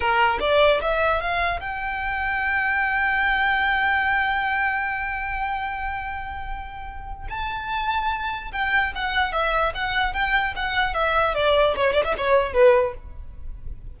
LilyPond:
\new Staff \with { instrumentName = "violin" } { \time 4/4 \tempo 4 = 148 ais'4 d''4 e''4 f''4 | g''1~ | g''1~ | g''1~ |
g''2 a''2~ | a''4 g''4 fis''4 e''4 | fis''4 g''4 fis''4 e''4 | d''4 cis''8 d''16 e''16 cis''4 b'4 | }